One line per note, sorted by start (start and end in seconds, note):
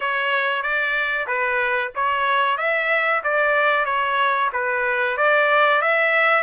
0.00 0.62 C#5
0.62 1.26 D5
1.27 1.91 B4
1.95 2.57 C#5
2.57 3.22 E5
3.23 3.85 D5
3.85 4.50 C#5
4.52 5.17 B4
5.17 5.81 D5
5.81 6.43 E5